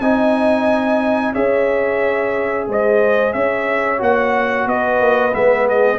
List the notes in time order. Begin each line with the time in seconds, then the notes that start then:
0.00 C4 D#4 D#5 G#5
1.33 C#4 G#4 C#5 E5
2.68 G#3 C5 D#5
3.33 C#4 C#5 E5
3.98 A#3 F#4 F#5
4.66 B3 B4 D#5
5.00 A#3
5.31 G#3 B3 E5
5.66 G#4 D#5